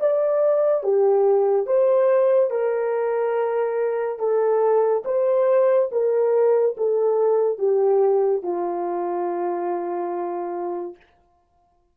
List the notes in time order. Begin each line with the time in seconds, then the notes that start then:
0.00 D5
0.83 G4
1.67 C5
2.50 A#4
4.19 A4
5.05 C5
5.92 A#4
6.77 A4
7.59 G4
8.43 F4